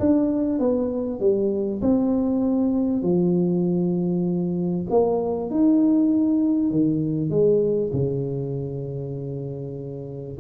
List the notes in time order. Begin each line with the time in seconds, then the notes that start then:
0.00 D4
0.60 B3
1.21 G3
1.82 C4
3.03 F3
4.90 A#3
5.51 D#4
6.71 D#3
7.30 G#3
7.93 C#3